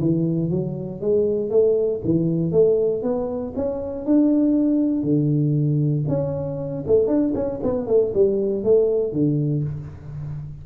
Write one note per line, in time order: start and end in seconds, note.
0.00 0.50 E3
0.50 1.01 F#3
1.01 1.50 G#3
1.50 2.01 A3
2.05 2.52 E3
2.52 3.03 A3
3.03 3.54 B3
3.56 4.05 C#4
4.05 5.03 D4
5.03 6.05 D3
6.08 6.85 C#4
6.87 7.08 A3
7.08 7.33 D4
7.35 7.60 C#4
7.63 7.87 B3
7.87 8.13 A3
8.14 8.64 G3
8.64 9.13 A3
9.13 9.64 D3